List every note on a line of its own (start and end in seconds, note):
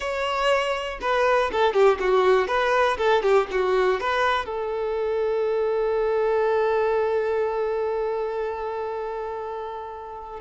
0.00 0.99 C#5
1.01 1.50 B4
1.52 1.73 A4
1.73 1.98 G4
1.99 2.47 F#4
2.47 2.97 B4
2.97 3.22 A4
3.22 3.47 G4
3.51 4.00 F#4
4.00 4.45 B4
4.45 10.40 A4